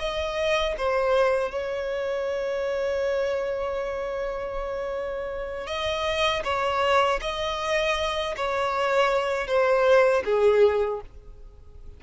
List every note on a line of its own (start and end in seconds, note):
0.00 0.76 D#5
0.78 1.52 C5
1.52 5.67 C#5
5.67 6.43 D#5
6.45 7.20 C#5
7.22 8.35 D#5
8.37 9.48 C#5
9.48 10.24 C5
10.25 11.01 G#4